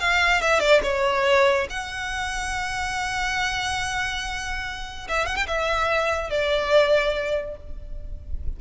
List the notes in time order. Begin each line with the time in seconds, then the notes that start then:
0.00 F5
0.41 E5
0.60 D5
0.83 C#5
1.70 F#5
5.09 E5
5.26 F#5
5.36 G5
5.47 E5
6.30 D5